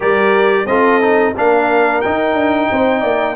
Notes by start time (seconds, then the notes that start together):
0.00 G3 G4 A#4 D5
0.65 C4 F4 A4 D#5
1.01 D#4
1.34 A#3 D4 A#4 F5
2.01 D#4 G5
2.34 D4
2.71 C4 C5
3.00 A#3 D5